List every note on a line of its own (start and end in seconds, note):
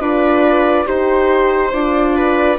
0.00 0.86 D4
0.00 0.85 F4
0.00 0.86 B4
0.00 0.87 D5
0.85 1.72 D#4
0.85 1.71 G4
0.85 1.72 C5
0.85 2.16 C5
1.72 2.59 D4
1.72 2.59 F4
1.72 2.58 D5
2.16 2.59 B4